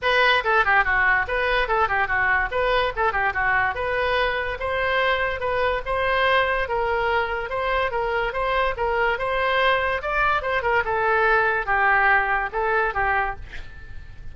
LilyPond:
\new Staff \with { instrumentName = "oboe" } { \time 4/4 \tempo 4 = 144 b'4 a'8 g'8 fis'4 b'4 | a'8 g'8 fis'4 b'4 a'8 g'8 | fis'4 b'2 c''4~ | c''4 b'4 c''2 |
ais'2 c''4 ais'4 | c''4 ais'4 c''2 | d''4 c''8 ais'8 a'2 | g'2 a'4 g'4 | }